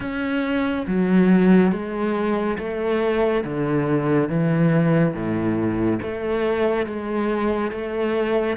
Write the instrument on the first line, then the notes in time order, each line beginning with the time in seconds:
cello
0.00 C#4
0.86 F#3
1.71 G#3
2.58 A3
3.44 D3
4.29 E3
5.14 A2
6.02 A3
6.86 G#3
7.71 A3